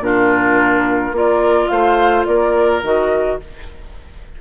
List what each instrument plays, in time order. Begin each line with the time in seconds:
0.00 bassoon A#2, clarinet D4, oboe F4, flute A#4
1.12 bassoon A#3, clarinet F4, oboe A#4, flute D5
1.69 bassoon A3, oboe C5, flute F5
2.25 bassoon A#3, oboe A#4, flute D5
2.83 bassoon D#3, clarinet F#4, flute D#5